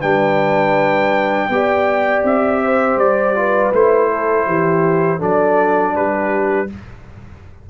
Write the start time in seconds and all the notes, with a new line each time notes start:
0.00 G3 D4 B4 G5
1.49 B3 G4 D5
2.24 C4 E5
2.64 C5
2.96 G3 D5
3.35 F4 B4
3.72 A3 E4 C5
4.10 A4
4.46 E3 G4
5.18 F#3 D4 A4 D5
5.94 G3 G4 B4